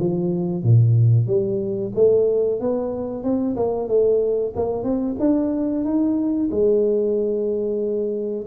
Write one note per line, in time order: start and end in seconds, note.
0.00 0.63 F3
0.63 1.27 A#2
1.27 1.92 G3
1.95 2.60 A3
2.60 3.23 B3
3.23 3.56 C4
3.56 3.88 A#3
3.88 4.53 A3
4.56 4.83 A#3
4.83 5.16 C4
5.19 5.85 D4
5.85 6.50 D#4
6.51 8.47 G#3